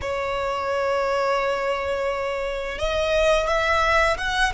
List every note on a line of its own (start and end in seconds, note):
0.01 2.78 C#5
2.78 3.47 D#5
3.47 4.17 E5
4.17 4.52 F#5